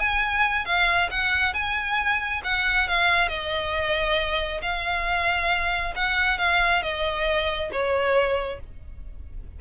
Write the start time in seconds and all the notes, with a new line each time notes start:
0.00 G#5
0.66 F5
1.10 F#5
1.54 G#5
2.44 F#5
2.89 F5
3.29 D#5
4.62 F5
5.96 F#5
6.39 F5
6.83 D#5
7.72 C#5